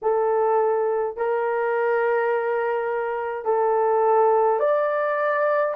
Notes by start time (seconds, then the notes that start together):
0.02 A4
1.16 A#4
3.45 A4
4.59 D5